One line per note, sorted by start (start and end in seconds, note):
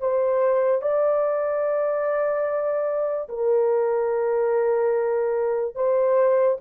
0.00 0.82 C5
0.82 3.28 D5
3.29 5.75 A#4
5.75 6.58 C5